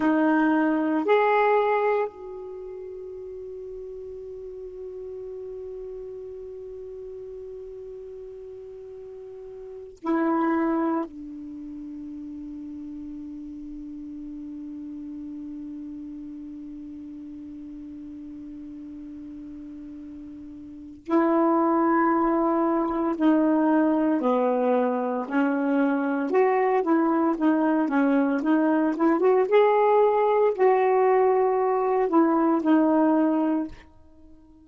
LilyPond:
\new Staff \with { instrumentName = "saxophone" } { \time 4/4 \tempo 4 = 57 dis'4 gis'4 fis'2~ | fis'1~ | fis'4. e'4 d'4.~ | d'1~ |
d'1 | e'2 dis'4 b4 | cis'4 fis'8 e'8 dis'8 cis'8 dis'8 e'16 fis'16 | gis'4 fis'4. e'8 dis'4 | }